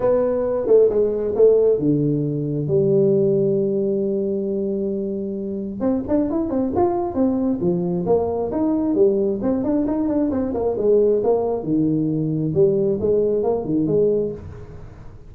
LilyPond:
\new Staff \with { instrumentName = "tuba" } { \time 4/4 \tempo 4 = 134 b4. a8 gis4 a4 | d2 g2~ | g1~ | g4 c'8 d'8 e'8 c'8 f'4 |
c'4 f4 ais4 dis'4 | g4 c'8 d'8 dis'8 d'8 c'8 ais8 | gis4 ais4 dis2 | g4 gis4 ais8 dis8 gis4 | }